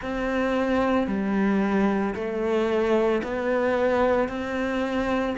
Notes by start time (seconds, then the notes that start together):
0.01 C4
1.07 G3
2.14 A3
3.23 B3
4.28 C4